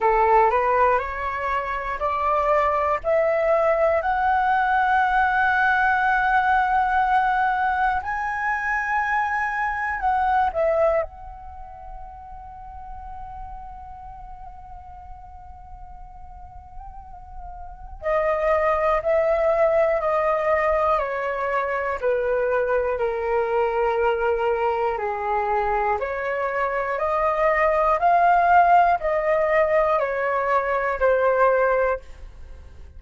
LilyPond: \new Staff \with { instrumentName = "flute" } { \time 4/4 \tempo 4 = 60 a'8 b'8 cis''4 d''4 e''4 | fis''1 | gis''2 fis''8 e''8 fis''4~ | fis''1~ |
fis''2 dis''4 e''4 | dis''4 cis''4 b'4 ais'4~ | ais'4 gis'4 cis''4 dis''4 | f''4 dis''4 cis''4 c''4 | }